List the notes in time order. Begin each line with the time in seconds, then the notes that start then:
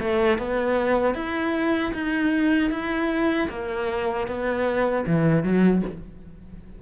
0.00 A3
0.39 B3
1.15 E4
1.94 D#4
2.71 E4
3.50 A#3
4.28 B3
5.07 E3
5.44 F#3